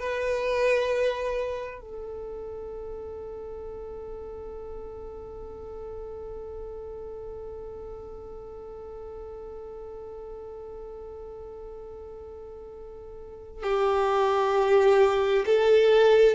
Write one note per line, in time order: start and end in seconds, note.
0.00 1.81 B4
1.81 13.63 A4
13.64 15.45 G4
15.46 16.35 A4